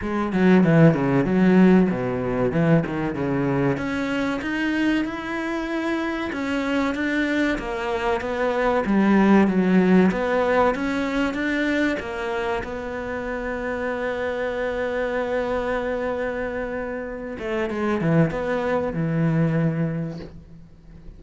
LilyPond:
\new Staff \with { instrumentName = "cello" } { \time 4/4 \tempo 4 = 95 gis8 fis8 e8 cis8 fis4 b,4 | e8 dis8 cis4 cis'4 dis'4 | e'2 cis'4 d'4 | ais4 b4 g4 fis4 |
b4 cis'4 d'4 ais4 | b1~ | b2.~ b8 a8 | gis8 e8 b4 e2 | }